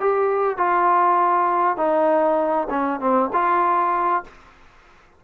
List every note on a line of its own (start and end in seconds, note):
0.00 0.57 G4
0.57 1.77 F4
1.77 2.67 D#4
2.69 3.00 C#4
3.00 3.30 C4
3.33 4.24 F4